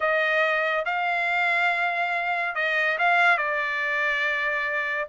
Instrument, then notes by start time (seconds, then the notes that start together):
trumpet
0.00 D#5
0.85 F5
2.55 D#5
2.98 F5
3.37 D5